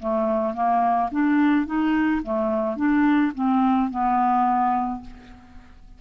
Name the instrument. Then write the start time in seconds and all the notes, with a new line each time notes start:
clarinet
0.00 A3
0.55 A#3
1.12 D4
1.67 D#4
2.23 A3
2.77 D4
3.35 C4
3.91 B3